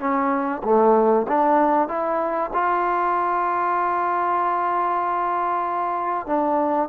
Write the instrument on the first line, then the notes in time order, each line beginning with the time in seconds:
trombone
0.00 C#4
0.64 A3
1.28 D4
1.89 E4
2.54 F4
6.27 D4